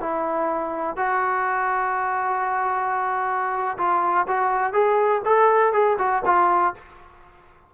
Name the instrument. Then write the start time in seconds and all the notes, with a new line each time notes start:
trombone
0.00 E4
0.97 F#4
3.78 F4
4.27 F#4
4.73 G#4
5.25 A4
5.73 G#4
5.98 F#4
6.25 F4